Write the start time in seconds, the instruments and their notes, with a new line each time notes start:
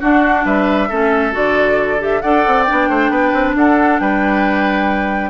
0.00 clarinet D4, bassoon D4, oboe F#4, flute F#5
0.45 bassoon G3, oboe B4, flute E5
0.89 bassoon A3, clarinet C#4, oboe A4
1.31 bassoon D3, clarinet F#4, flute D5
1.99 clarinet G4, flute E5
2.21 bassoon D4, clarinet A4, oboe D5, flute F#5
2.46 bassoon C4
2.63 clarinet D4, flute G5
2.71 bassoon B3
2.89 bassoon A3, oboe C5
3.09 bassoon B3, oboe B4
3.33 bassoon C4
3.55 bassoon D4, oboe A4, flute F#5
3.99 bassoon G3, oboe B4, flute G5